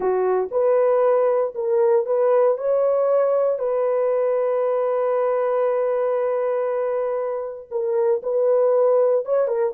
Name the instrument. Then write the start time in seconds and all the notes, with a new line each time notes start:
horn
0.00 F#4
0.51 B4
1.55 A#4
2.06 B4
2.57 C#5
3.58 B4
7.70 A#4
8.23 B4
9.25 C#5
9.47 A#4